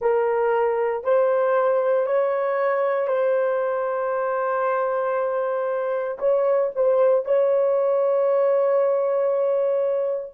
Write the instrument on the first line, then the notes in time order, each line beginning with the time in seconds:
horn
0.00 A#4
1.03 C5
2.06 C#5
3.07 C5
6.18 C#5
6.75 C5
7.25 C#5